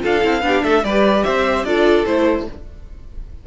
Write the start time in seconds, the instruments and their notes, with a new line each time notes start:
0.00 cello D4, viola F4, violin A4 F5
0.21 cello C4, viola E4
0.41 cello B3, viola D4, violin G4
0.63 cello A3, violin A4 E5
0.83 cello G3, viola G4, violin B4 D5
1.24 cello C4, violin C5 E5
1.64 cello D4, viola F4, violin A4 D5
2.05 cello A3, viola E4, violin C5